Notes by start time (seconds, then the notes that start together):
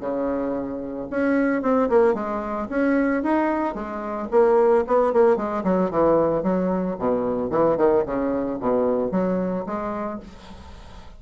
0.00 C#3
1.10 C#4
1.62 C4
1.89 A#3
2.14 G#3
2.69 C#4
3.23 D#4
3.74 G#3
4.31 A#3
4.87 B3
5.13 A#3
5.36 G#3
5.63 F#3
5.90 E3
6.43 F#3
6.98 B2
7.50 E3
7.77 D#3
8.05 C#3
8.60 B2
9.11 F#3
9.66 G#3